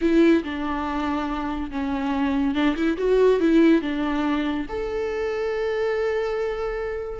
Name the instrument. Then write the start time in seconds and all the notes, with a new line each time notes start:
viola
0.01 E4
0.43 D4
1.70 C#4
2.54 D4
2.76 E4
2.97 F#4
3.40 E4
3.81 D4
4.68 A4